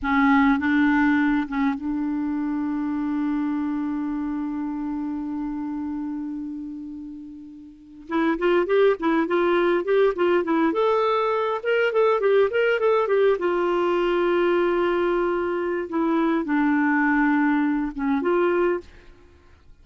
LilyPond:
\new Staff \with { instrumentName = "clarinet" } { \time 4/4 \tempo 4 = 102 cis'4 d'4. cis'8 d'4~ | d'1~ | d'1~ | d'4.~ d'16 e'8 f'8 g'8 e'8 f'16~ |
f'8. g'8 f'8 e'8 a'4. ais'16~ | ais'16 a'8 g'8 ais'8 a'8 g'8 f'4~ f'16~ | f'2. e'4 | d'2~ d'8 cis'8 f'4 | }